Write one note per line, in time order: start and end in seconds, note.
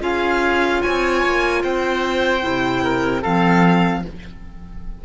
0.00 0.81 C#4
0.00 2.40 F4
0.00 0.82 G#4
0.00 0.82 F5
0.82 1.25 C4
0.82 1.62 C#5
0.82 1.62 G#5
1.25 1.64 A#3
1.63 2.44 C4
1.63 2.83 C5
1.63 3.23 G5
2.41 3.25 C3
2.41 3.21 E4
2.83 3.22 A#4
3.22 4.05 F3
3.22 4.03 C4
3.22 4.02 A4
3.22 4.03 F5